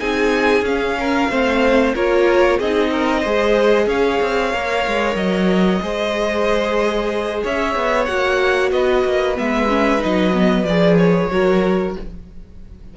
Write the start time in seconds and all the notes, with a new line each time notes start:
0.00 C4 D#4 G#4 G#5
0.62 C#4 F5
1.00 A#4
1.30 A3 C4 C5
1.95 A#3 F4 A#4 C#5
2.58 C4 D#4 G#4 D#5
2.92 A#4
3.21 G#3 G#4 C5
3.87 C#4 C#5 F5
4.22 C4
4.53 A#3 A#4
4.87 G#3
5.16 F#3 D#5
5.82 G#3 G#4 C5
7.44 C#4 C#5 E5
7.76 B3
8.06 A#3 F#4 F#5
8.72 B3 B4 D#5
9.06 A#3
9.36 G#3 B3 E5
9.69 C#4
10.00 F#3 D#4 D#5
10.34 B3
10.64 F3 G#4 D5
10.98 C#5
11.31 F#3 F#4 A#4